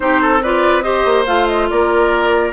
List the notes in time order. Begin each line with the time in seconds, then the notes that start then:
0.00 C4 D#4 G4 C5
0.21 A4
0.42 F4 B4 D5
0.81 G4 C5 D#5
1.05 A#3
1.26 A3 F4 F5
1.47 D#5
1.69 A#3 A#4 D5